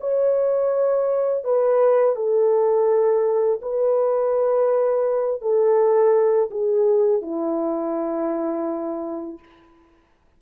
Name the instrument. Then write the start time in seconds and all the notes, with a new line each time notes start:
horn
0.00 C#5
1.44 B4
2.16 A4
3.62 B4
5.41 A4
6.51 G#4
7.22 E4